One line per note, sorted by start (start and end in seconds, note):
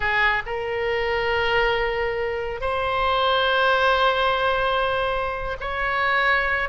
0.00 0.42 G#4
0.46 2.61 A#4
2.61 5.56 C5
5.60 6.69 C#5